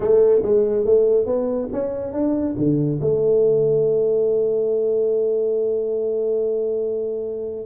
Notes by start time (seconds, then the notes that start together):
0.00 A3
0.42 G#3
0.85 A3
1.26 B3
1.72 C#4
2.12 D4
2.57 D3
3.00 A3